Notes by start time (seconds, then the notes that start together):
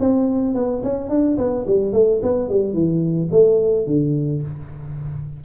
0.00 C4
0.55 B3
0.84 C#4
1.10 D4
1.38 B3
1.67 G3
1.93 A3
2.23 B3
2.49 G3
2.74 E3
3.31 A3
3.87 D3